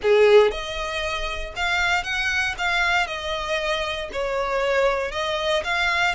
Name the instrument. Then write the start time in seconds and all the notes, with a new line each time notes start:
violin
0.02 G#4
0.51 D#5
1.56 F5
2.03 F#5
2.58 F5
3.07 D#5
4.12 C#5
5.11 D#5
5.64 F5